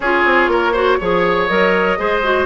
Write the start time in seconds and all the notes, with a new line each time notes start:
0.00 C#4 F4 G#4 C#5
0.25 C4
0.47 A#3 A#4
0.72 F#4 C5
1.00 F3 G#4 C#5
1.46 F#3 A#4 D#5
1.98 G#3 G#4 C5
2.23 F#4